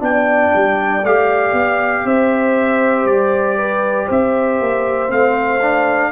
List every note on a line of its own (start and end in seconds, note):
0.00 0.52 B3
0.00 1.02 D4
0.00 2.06 D5
0.00 1.05 G5
0.56 1.04 G3
1.04 1.53 A3
1.04 5.09 G4
1.04 2.07 F5
1.53 2.04 B3
2.05 3.06 C4
2.05 3.58 C5
2.05 3.07 E5
3.06 4.07 G3
3.06 4.09 D5
3.58 4.07 B4
4.07 4.61 C4
4.07 6.10 C5
4.07 5.11 E5
4.61 5.11 A#3
5.09 6.12 A3
5.09 5.60 C4
5.09 6.12 F5
5.62 6.12 D4